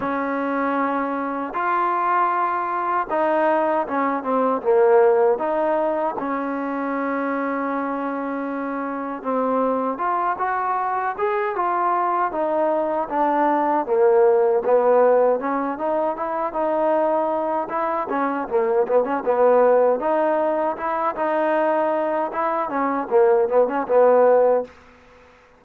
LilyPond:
\new Staff \with { instrumentName = "trombone" } { \time 4/4 \tempo 4 = 78 cis'2 f'2 | dis'4 cis'8 c'8 ais4 dis'4 | cis'1 | c'4 f'8 fis'4 gis'8 f'4 |
dis'4 d'4 ais4 b4 | cis'8 dis'8 e'8 dis'4. e'8 cis'8 | ais8 b16 cis'16 b4 dis'4 e'8 dis'8~ | dis'4 e'8 cis'8 ais8 b16 cis'16 b4 | }